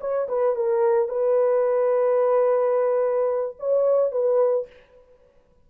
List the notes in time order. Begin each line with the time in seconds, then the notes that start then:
0.00 C#5
0.28 B4
0.56 A#4
1.08 B4
3.59 C#5
4.11 B4